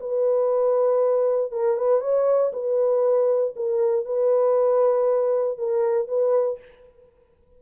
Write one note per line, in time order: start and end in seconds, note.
0.00 1.52 B4
1.52 1.77 A#4
1.77 2.01 B4
2.01 2.51 C#5
2.53 3.54 B4
3.56 4.05 A#4
4.05 5.58 B4
5.58 6.08 A#4
6.08 6.59 B4